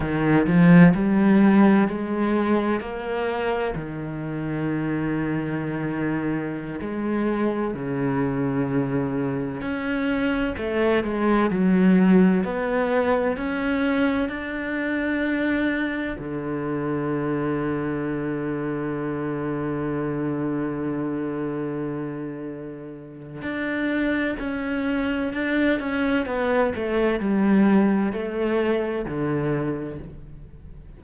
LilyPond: \new Staff \with { instrumentName = "cello" } { \time 4/4 \tempo 4 = 64 dis8 f8 g4 gis4 ais4 | dis2.~ dis16 gis8.~ | gis16 cis2 cis'4 a8 gis16~ | gis16 fis4 b4 cis'4 d'8.~ |
d'4~ d'16 d2~ d8.~ | d1~ | d4 d'4 cis'4 d'8 cis'8 | b8 a8 g4 a4 d4 | }